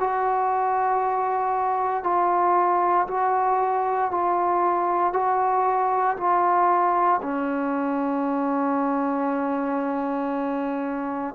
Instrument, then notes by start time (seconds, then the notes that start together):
trombone
0.00 F#4
2.04 F4
3.08 F#4
4.11 F4
5.13 F#4
6.17 F4
7.22 C#4